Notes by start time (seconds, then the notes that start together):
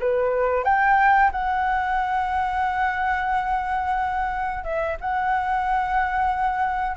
0.00 B4
0.64 G5
1.32 F#5
4.64 E5
5.01 F#5